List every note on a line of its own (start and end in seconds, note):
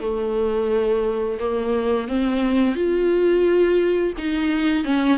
0.00 1.38 A3
1.39 2.08 A#3
2.08 2.75 C4
2.75 4.13 F4
4.17 4.84 D#4
4.84 5.17 C#4